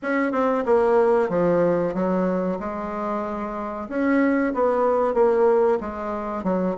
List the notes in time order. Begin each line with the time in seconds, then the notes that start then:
0.02 C#4
0.31 C4
0.65 A#3
1.29 F3
1.94 F#3
2.59 G#3
3.88 C#4
4.53 B3
5.13 A#3
5.80 G#3
6.43 F#3